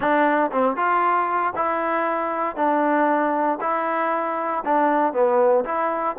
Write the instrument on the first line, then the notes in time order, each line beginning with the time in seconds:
trombone
0.00 D4
0.51 C4
0.76 F4
1.55 E4
2.56 D4
3.61 E4
4.64 D4
5.13 B3
5.64 E4